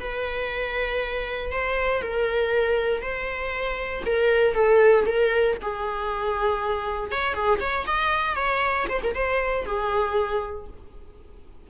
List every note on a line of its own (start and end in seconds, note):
0.00 1.52 B4
1.52 2.02 C5
2.02 3.02 A#4
3.02 4.04 C5
4.06 4.54 A#4
4.54 5.05 A4
5.06 5.57 A#4
5.62 7.12 G#4
7.12 7.34 C#5
7.34 7.59 G#4
7.60 7.86 C#5
7.87 8.35 D#5
8.35 8.86 C#5
8.89 9.02 C5
9.04 9.15 A#4
9.15 9.65 C5
9.65 10.67 G#4